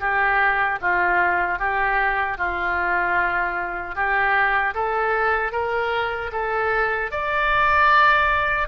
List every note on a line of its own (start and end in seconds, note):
0.00 0.79 G4
0.81 1.59 F4
1.59 2.38 G4
2.38 3.95 F4
3.95 4.74 G4
4.75 5.52 A4
5.52 6.31 A#4
6.32 7.11 A4
7.12 8.68 D5